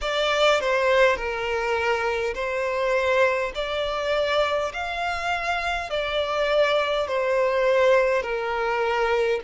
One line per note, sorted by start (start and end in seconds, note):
0.01 0.60 D5
0.60 1.16 C5
1.16 2.34 A#4
2.34 3.51 C5
3.55 4.72 D5
4.73 5.90 F5
5.90 7.07 D5
7.07 8.22 C5
8.22 9.40 A#4